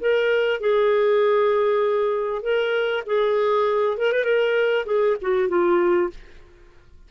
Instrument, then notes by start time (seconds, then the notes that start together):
clarinet
0.00 A#4
0.60 G#4
2.42 A#4
3.06 G#4
3.97 A#4
4.12 B4
4.24 A#4
4.86 G#4
5.21 F#4
5.48 F4